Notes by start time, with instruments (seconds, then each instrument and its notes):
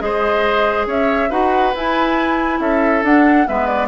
0.00 bassoon G#3, clarinet G#4, oboe C5, flute D#5
0.87 bassoon C#4, oboe C#5, flute E5
1.30 bassoon D#4, clarinet F#4, oboe B4, flute F#5
1.75 bassoon E4, clarinet E4, flute G#5
2.60 bassoon C#4, oboe A4, flute E5
3.03 bassoon D4, clarinet D4, flute F#5
3.47 bassoon G#3, clarinet B3, oboe B4, flute E5
3.67 flute D5